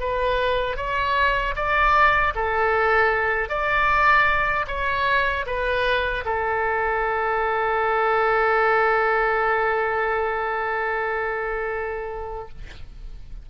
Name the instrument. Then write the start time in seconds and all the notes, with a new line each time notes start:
oboe
0.00 B4
0.77 C#5
1.56 D5
2.35 A4
3.49 D5
4.68 C#5
5.46 B4
6.26 A4